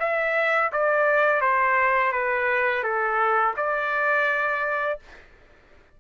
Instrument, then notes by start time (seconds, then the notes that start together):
trumpet
0.00 E5
0.73 D5
1.41 C5
2.12 B4
2.83 A4
3.57 D5